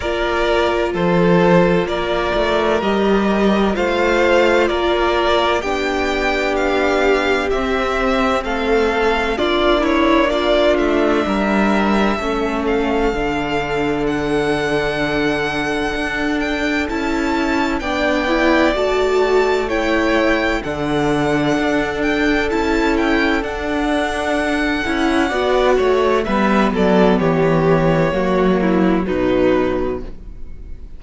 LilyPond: <<
  \new Staff \with { instrumentName = "violin" } { \time 4/4 \tempo 4 = 64 d''4 c''4 d''4 dis''4 | f''4 d''4 g''4 f''4 | e''4 f''4 d''8 cis''8 d''8 e''8~ | e''4. f''4. fis''4~ |
fis''4. g''8 a''4 g''4 | a''4 g''4 fis''4. g''8 | a''8 g''8 fis''2. | e''8 d''8 cis''2 b'4 | }
  \new Staff \with { instrumentName = "violin" } { \time 4/4 ais'4 a'4 ais'2 | c''4 ais'4 g'2~ | g'4 a'4 f'8 e'8 f'4 | ais'4 a'2.~ |
a'2. d''4~ | d''4 cis''4 a'2~ | a'2. d''8 cis''8 | b'8 a'8 g'4 fis'8 e'8 dis'4 | }
  \new Staff \with { instrumentName = "viola" } { \time 4/4 f'2. g'4 | f'2 d'2 | c'2 d'2~ | d'4 cis'4 d'2~ |
d'2 e'4 d'8 e'8 | fis'4 e'4 d'2 | e'4 d'4. e'8 fis'4 | b2 ais4 fis4 | }
  \new Staff \with { instrumentName = "cello" } { \time 4/4 ais4 f4 ais8 a8 g4 | a4 ais4 b2 | c'4 a4 ais4. a8 | g4 a4 d2~ |
d4 d'4 cis'4 b4 | a2 d4 d'4 | cis'4 d'4. cis'8 b8 a8 | g8 fis8 e4 fis4 b,4 | }
>>